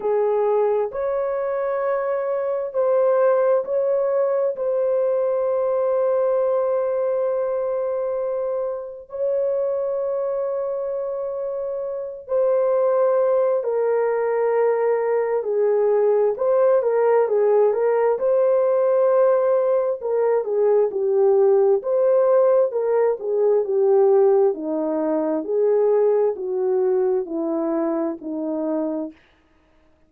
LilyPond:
\new Staff \with { instrumentName = "horn" } { \time 4/4 \tempo 4 = 66 gis'4 cis''2 c''4 | cis''4 c''2.~ | c''2 cis''2~ | cis''4. c''4. ais'4~ |
ais'4 gis'4 c''8 ais'8 gis'8 ais'8 | c''2 ais'8 gis'8 g'4 | c''4 ais'8 gis'8 g'4 dis'4 | gis'4 fis'4 e'4 dis'4 | }